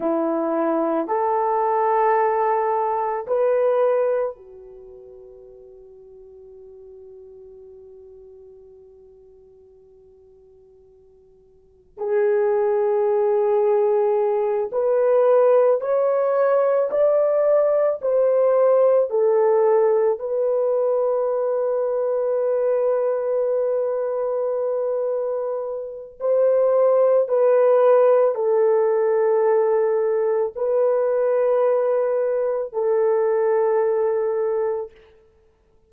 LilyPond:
\new Staff \with { instrumentName = "horn" } { \time 4/4 \tempo 4 = 55 e'4 a'2 b'4 | fis'1~ | fis'2. gis'4~ | gis'4. b'4 cis''4 d''8~ |
d''8 c''4 a'4 b'4.~ | b'1 | c''4 b'4 a'2 | b'2 a'2 | }